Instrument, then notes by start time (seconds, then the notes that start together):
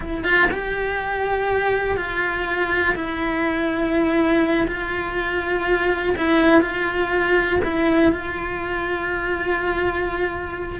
cello
0.00 E4
0.24 F4
0.51 G4
1.96 F4
2.95 E4
4.67 F4
6.17 E4
6.61 F4
7.64 E4
8.12 F4